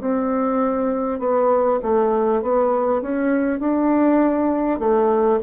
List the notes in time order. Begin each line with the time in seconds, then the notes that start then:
0.00 C4
1.19 B3
1.82 A3
2.42 B3
3.01 C#4
3.59 D4
4.79 A3